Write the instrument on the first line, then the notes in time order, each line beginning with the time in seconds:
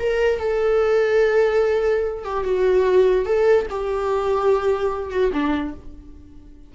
viola
0.00 A#4
0.40 A4
2.25 G4
2.44 F#4
3.26 A4
3.70 G4
5.11 F#4
5.33 D4